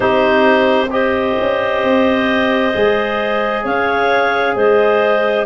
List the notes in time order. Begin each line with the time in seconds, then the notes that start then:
0.00 C4 D#4 G4 C5
0.90 G4 C5 D#5
1.39 C#4
1.83 C4
2.73 G#3 G#4
3.63 C#4 C#5 F5
4.55 G#3 C5 D#5